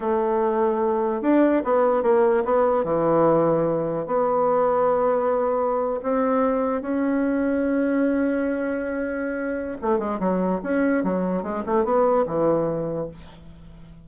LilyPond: \new Staff \with { instrumentName = "bassoon" } { \time 4/4 \tempo 4 = 147 a2. d'4 | b4 ais4 b4 e4~ | e2 b2~ | b2~ b8. c'4~ c'16~ |
c'8. cis'2.~ cis'16~ | cis'1 | a8 gis8 fis4 cis'4 fis4 | gis8 a8 b4 e2 | }